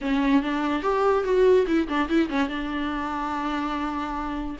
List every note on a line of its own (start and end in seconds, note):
0.01 0.42 C#4
0.42 0.82 D4
0.82 1.24 G4
1.24 1.66 F#4
1.66 1.87 E4
1.88 2.08 D4
2.08 2.29 E4
2.29 2.48 C#4
2.48 4.57 D4